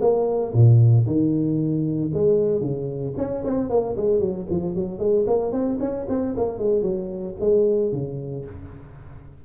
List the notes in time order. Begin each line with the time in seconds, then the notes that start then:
0.00 A#3
0.53 A#2
1.06 D#3
2.13 G#3
2.61 C#3
3.17 C#4
3.44 C4
3.69 A#3
3.96 G#3
4.19 F#3
4.50 F3
4.75 F#3
4.99 G#3
5.27 A#3
5.51 C4
5.80 C#4
6.08 C4
6.37 A#3
6.58 G#3
6.82 F#3
7.40 G#3
7.92 C#3